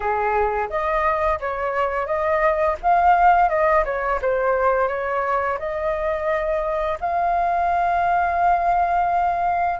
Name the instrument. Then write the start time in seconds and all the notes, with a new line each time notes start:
flute
0.00 G#4
0.69 D#5
1.40 C#5
2.06 D#5
2.82 F5
3.49 D#5
3.84 C#5
4.21 C5
4.88 C#5
5.58 D#5
7.00 F5